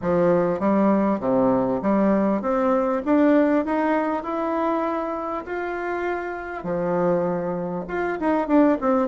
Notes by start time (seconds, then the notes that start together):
0.01 F3
0.59 G3
1.20 C3
1.82 G3
2.41 C4
3.05 D4
3.65 D#4
4.23 E4
5.45 F4
6.63 F3
7.88 F4
8.20 D#4
8.47 D4
8.80 C4